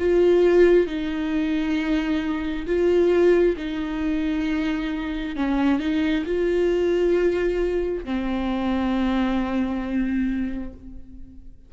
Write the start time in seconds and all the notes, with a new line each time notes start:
0.00 F4
0.88 D#4
2.67 F4
3.57 D#4
5.36 C#4
5.80 D#4
6.26 F4
8.05 C4